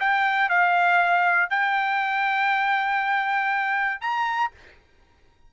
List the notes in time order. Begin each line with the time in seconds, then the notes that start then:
0.00 G5
0.49 F5
1.50 G5
4.01 A#5